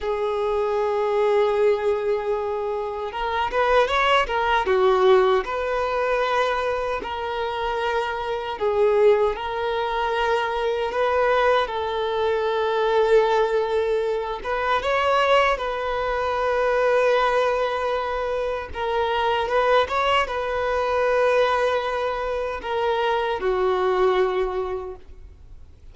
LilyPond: \new Staff \with { instrumentName = "violin" } { \time 4/4 \tempo 4 = 77 gis'1 | ais'8 b'8 cis''8 ais'8 fis'4 b'4~ | b'4 ais'2 gis'4 | ais'2 b'4 a'4~ |
a'2~ a'8 b'8 cis''4 | b'1 | ais'4 b'8 cis''8 b'2~ | b'4 ais'4 fis'2 | }